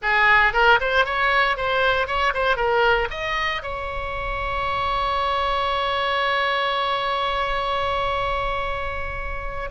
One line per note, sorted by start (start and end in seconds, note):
0.02 0.53 G#4
0.53 0.79 A#4
0.80 1.05 C5
1.05 1.56 C#5
1.56 2.07 C5
2.07 2.33 C#5
2.34 2.56 C5
2.56 3.08 A#4
3.10 3.62 D#5
3.62 9.70 C#5